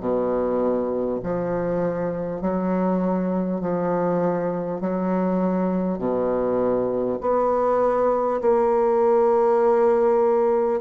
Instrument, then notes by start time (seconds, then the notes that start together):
bassoon
0.00 B2
1.23 F3
2.41 F#3
3.61 F3
4.81 F#3
5.98 B2
7.21 B3
8.42 A#3